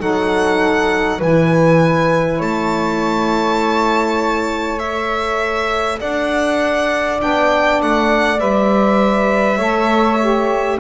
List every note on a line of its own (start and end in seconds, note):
0.00 1.21 F#3
0.00 1.20 D#4
0.00 1.18 A4
0.00 1.21 F#5
1.18 2.41 E3
1.18 4.79 E4
1.18 2.38 B4
1.18 2.42 G#5
2.38 6.00 A3
2.38 5.98 C#5
2.38 4.79 A5
4.79 7.17 A4
4.79 5.99 E5
6.00 7.21 D4
6.00 9.56 D5
6.00 7.21 F#5
7.17 7.82 B3
7.17 8.37 D4
7.17 7.81 G5
7.82 8.40 A3
7.82 8.39 F#5
8.39 9.59 G3
8.39 9.59 B4
8.39 10.79 E5
9.56 10.79 A3
9.56 10.19 A4
9.56 10.76 C#5
10.20 10.79 G4